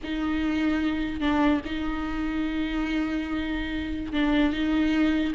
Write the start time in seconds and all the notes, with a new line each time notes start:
0.03 D#4
1.20 D4
1.65 D#4
4.12 D4
4.52 D#4